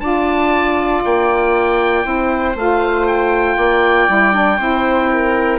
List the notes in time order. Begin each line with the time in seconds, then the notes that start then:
0.00 D4 F4 D5 A5
1.05 A#3 G5
2.03 C4 E4 C5
2.55 A3 F4 F5
3.07 G5
3.57 A#3 D5
4.08 G3 E4
4.33 D4
4.58 C4 E4 C5
5.13 A#4